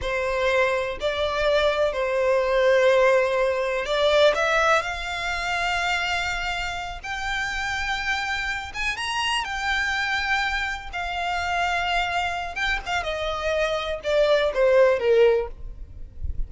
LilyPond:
\new Staff \with { instrumentName = "violin" } { \time 4/4 \tempo 4 = 124 c''2 d''2 | c''1 | d''4 e''4 f''2~ | f''2~ f''8 g''4.~ |
g''2 gis''8 ais''4 g''8~ | g''2~ g''8 f''4.~ | f''2 g''8 f''8 dis''4~ | dis''4 d''4 c''4 ais'4 | }